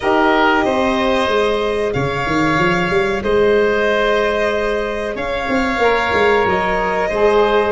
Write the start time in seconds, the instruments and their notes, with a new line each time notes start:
0.00 tuba D#4, saxophone G4, oboe A#4, violin D#5
0.64 tuba C4, oboe C5
1.27 tuba G#3, saxophone G#4
1.93 tuba C#3, oboe C#5, violin F5
2.26 tuba D#3
2.58 tuba F3
2.90 tuba G3
3.22 tuba G#3, oboe C5, violin D#5
5.15 tuba C#4, oboe C#5, violin F5
5.48 tuba C4
5.78 tuba A#3, saxophone A#4
6.13 tuba G#3
6.45 tuba F#3, violin D#5
7.08 tuba G#3, saxophone G#4, oboe C5